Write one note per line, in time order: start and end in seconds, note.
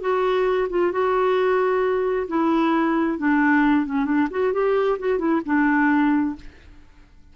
0.00 0.68 F#4
0.69 0.91 F4
0.91 2.27 F#4
2.27 3.18 E4
3.18 3.86 D4
3.86 4.05 C#4
4.05 4.27 D4
4.30 4.53 F#4
4.53 4.98 G4
4.98 5.18 F#4
5.18 5.41 E4
5.45 6.35 D4